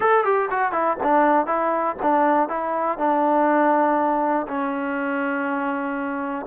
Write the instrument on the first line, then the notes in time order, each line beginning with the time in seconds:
trombone
0.00 A4
0.24 G4
0.50 F#4
0.72 E4
1.03 D4
1.46 E4
2.02 D4
2.48 E4
2.98 D4
4.47 C#4